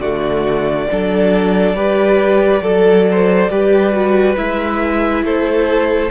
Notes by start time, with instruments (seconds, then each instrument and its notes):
0.00 cello D3, viola A3, violin F#4 D5
0.91 cello F#3, viola D4, violin A4
1.75 cello G3, viola G4, violin B4
2.63 cello F#3, violin A4, viola A4
3.12 violin C5
3.51 cello G3, viola G4, violin B4
3.93 viola F#4
4.37 cello G#3, viola E4, violin E5
5.24 cello A3, violin A4 C5